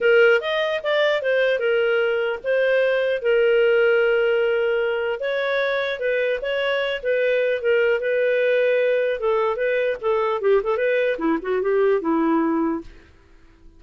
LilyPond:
\new Staff \with { instrumentName = "clarinet" } { \time 4/4 \tempo 4 = 150 ais'4 dis''4 d''4 c''4 | ais'2 c''2 | ais'1~ | ais'4 cis''2 b'4 |
cis''4. b'4. ais'4 | b'2. a'4 | b'4 a'4 g'8 a'8 b'4 | e'8 fis'8 g'4 e'2 | }